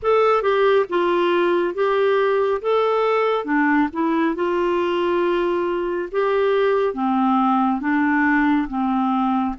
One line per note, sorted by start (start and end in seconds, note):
0.02 0.42 A4
0.42 0.85 G4
0.89 1.74 F4
1.74 2.61 G4
2.61 3.45 A4
3.45 3.88 D4
3.92 4.35 E4
4.35 6.09 F4
6.11 6.94 G4
6.94 7.80 C4
7.80 8.67 D4
8.68 9.55 C4